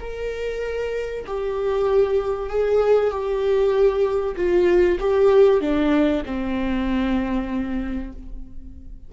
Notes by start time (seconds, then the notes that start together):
0.00 A#4
1.26 G4
2.49 G#4
3.10 G4
4.36 F4
4.99 G4
5.60 D4
6.25 C4